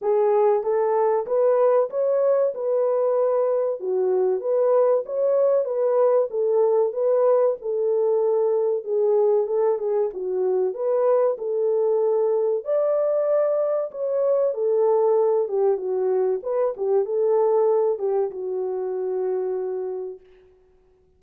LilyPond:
\new Staff \with { instrumentName = "horn" } { \time 4/4 \tempo 4 = 95 gis'4 a'4 b'4 cis''4 | b'2 fis'4 b'4 | cis''4 b'4 a'4 b'4 | a'2 gis'4 a'8 gis'8 |
fis'4 b'4 a'2 | d''2 cis''4 a'4~ | a'8 g'8 fis'4 b'8 g'8 a'4~ | a'8 g'8 fis'2. | }